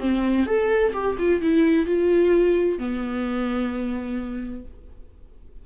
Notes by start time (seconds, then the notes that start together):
0.00 C4
0.46 A4
0.93 G4
1.19 F4
1.41 E4
1.86 F4
2.79 B3